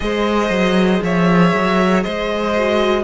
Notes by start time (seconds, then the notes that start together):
0.00 G#3 G#4 C5 D#5
0.49 F#3
1.01 F3 C#5 E5
1.54 F#3
2.03 G#3 C5 D#5
2.57 F#4